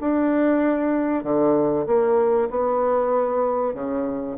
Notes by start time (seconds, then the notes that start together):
0.00 D4
1.23 D3
1.86 A#3
2.50 B3
3.74 C#3